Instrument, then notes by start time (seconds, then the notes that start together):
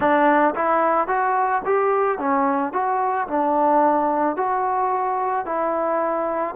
trombone
0.00 D4
0.55 E4
1.07 F#4
1.65 G4
2.18 C#4
2.72 F#4
3.27 D4
4.36 F#4
5.45 E4